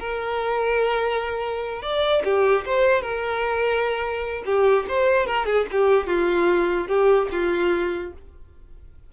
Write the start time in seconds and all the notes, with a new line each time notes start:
0.00 A#4
1.82 D5
2.24 G4
2.66 C5
3.02 A#4
4.46 G4
4.89 C5
5.26 A#4
5.46 G#4
5.72 G4
6.07 F4
6.88 G4
7.32 F4